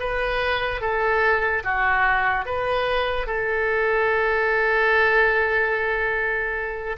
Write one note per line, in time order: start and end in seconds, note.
0.00 0.81 B4
0.81 1.63 A4
1.64 2.46 F#4
2.46 3.27 B4
3.27 6.97 A4